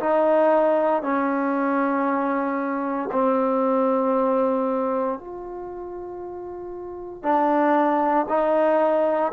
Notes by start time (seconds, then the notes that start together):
0.00 D#4
1.03 C#4
3.12 C4
5.20 F4
7.23 D4
8.29 D#4